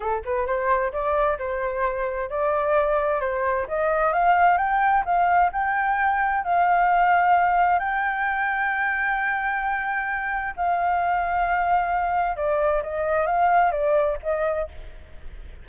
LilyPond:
\new Staff \with { instrumentName = "flute" } { \time 4/4 \tempo 4 = 131 a'8 b'8 c''4 d''4 c''4~ | c''4 d''2 c''4 | dis''4 f''4 g''4 f''4 | g''2 f''2~ |
f''4 g''2.~ | g''2. f''4~ | f''2. d''4 | dis''4 f''4 d''4 dis''4 | }